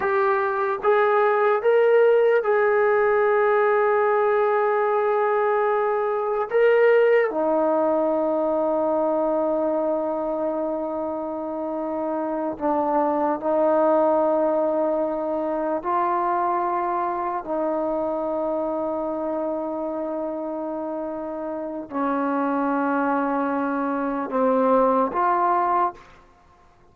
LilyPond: \new Staff \with { instrumentName = "trombone" } { \time 4/4 \tempo 4 = 74 g'4 gis'4 ais'4 gis'4~ | gis'1 | ais'4 dis'2.~ | dis'2.~ dis'8 d'8~ |
d'8 dis'2. f'8~ | f'4. dis'2~ dis'8~ | dis'2. cis'4~ | cis'2 c'4 f'4 | }